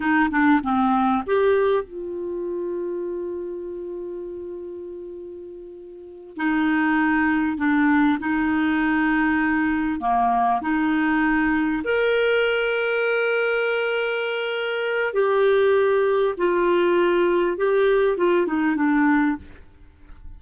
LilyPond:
\new Staff \with { instrumentName = "clarinet" } { \time 4/4 \tempo 4 = 99 dis'8 d'8 c'4 g'4 f'4~ | f'1~ | f'2~ f'8 dis'4.~ | dis'8 d'4 dis'2~ dis'8~ |
dis'8 ais4 dis'2 ais'8~ | ais'1~ | ais'4 g'2 f'4~ | f'4 g'4 f'8 dis'8 d'4 | }